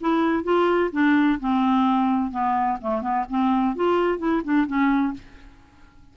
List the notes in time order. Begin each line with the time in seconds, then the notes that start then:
0.00 E4
0.43 F4
0.92 D4
1.40 C4
2.31 B3
2.81 A3
3.01 B3
3.29 C4
3.75 F4
4.18 E4
4.44 D4
4.66 C#4